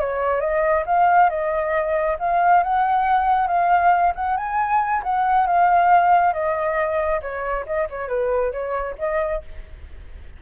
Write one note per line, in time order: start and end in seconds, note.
0.00 0.40 C#5
0.40 0.84 D#5
0.86 1.30 F5
1.30 2.17 D#5
2.19 2.63 F5
2.63 3.48 F#5
3.48 4.13 F5
4.15 4.37 F#5
4.37 5.02 G#5
5.03 5.47 F#5
5.47 6.33 F5
6.33 7.21 D#5
7.22 7.65 C#5
7.66 7.88 D#5
7.90 8.08 C#5
8.08 8.52 B4
8.52 8.96 C#5
8.98 9.42 D#5